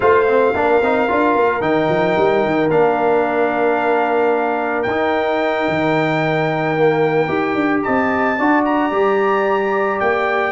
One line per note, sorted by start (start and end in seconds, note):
0.00 0.53 A3
0.00 0.26 F4
0.00 0.54 C5
0.00 1.61 F5
0.27 0.54 C4
0.54 0.81 A#3
0.54 0.82 D4
0.54 7.84 A#4
0.81 1.08 C4
0.81 1.08 D#4
1.08 1.35 D4
1.08 1.61 F4
1.35 1.61 A#3
1.61 1.88 D#3
1.61 2.69 D#4
1.61 2.69 G5
1.89 2.16 F3
2.17 2.44 G3
2.45 2.69 D#3
2.69 4.86 A#3
2.69 4.86 D4
2.69 4.82 F5
4.82 5.67 D#4
4.82 7.80 G5
4.90 6.76 D#4
5.68 7.28 D#3
6.76 7.28 A#3
7.28 7.54 D#4
7.28 8.36 G4
7.54 7.81 D4
7.82 8.39 C4
7.82 8.38 D#5
7.82 8.63 A5
8.39 8.91 D4
8.39 8.92 F#4
8.39 10.51 D5
8.65 10.00 A#5
8.91 9.99 G3
8.91 10.51 G4
10.00 10.51 A#3
10.00 10.51 G5